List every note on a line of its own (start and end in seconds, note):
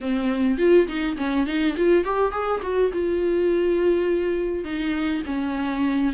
0.01 0.58 C4
0.58 0.87 F4
0.87 1.16 D#4
1.17 1.46 C#4
1.46 1.75 D#4
1.76 2.04 F4
2.04 2.31 G4
2.31 2.60 G#4
2.62 2.91 F#4
2.92 4.64 F4
4.64 5.22 D#4
5.26 6.13 C#4